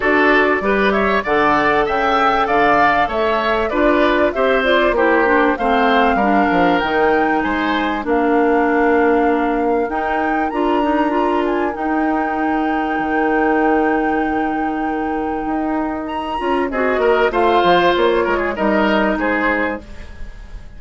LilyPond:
<<
  \new Staff \with { instrumentName = "flute" } { \time 4/4 \tempo 4 = 97 d''4. e''8 fis''4 g''4 | f''4 e''4 d''4 e''8 d''8 | c''4 f''2 g''4 | gis''4 f''2. |
g''4 ais''4. gis''8 g''4~ | g''1~ | g''2 ais''4 dis''4 | f''4 cis''4 dis''4 c''4 | }
  \new Staff \with { instrumentName = "oboe" } { \time 4/4 a'4 b'8 cis''8 d''4 e''4 | d''4 cis''4 b'4 c''4 | g'4 c''4 ais'2 | c''4 ais'2.~ |
ais'1~ | ais'1~ | ais'2. gis'8 ais'8 | c''4. ais'16 gis'16 ais'4 gis'4 | }
  \new Staff \with { instrumentName = "clarinet" } { \time 4/4 fis'4 g'4 a'2~ | a'2 f'4 g'8 f'8 | e'8 d'8 c'4 d'4 dis'4~ | dis'4 d'2. |
dis'4 f'8 dis'8 f'4 dis'4~ | dis'1~ | dis'2~ dis'8 f'8 fis'4 | f'2 dis'2 | }
  \new Staff \with { instrumentName = "bassoon" } { \time 4/4 d'4 g4 d4 cis4 | d4 a4 d'4 c'4 | ais4 a4 g8 f8 dis4 | gis4 ais2. |
dis'4 d'2 dis'4~ | dis'4 dis2.~ | dis4 dis'4. cis'8 c'8 ais8 | a8 f8 ais8 gis8 g4 gis4 | }
>>